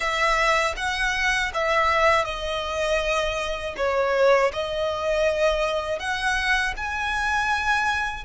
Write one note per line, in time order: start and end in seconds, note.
0.00 0.75 E5
0.76 1.51 F#5
1.54 2.24 E5
2.24 3.74 D#5
3.76 4.51 C#5
4.52 5.99 D#5
5.99 6.74 F#5
6.76 8.24 G#5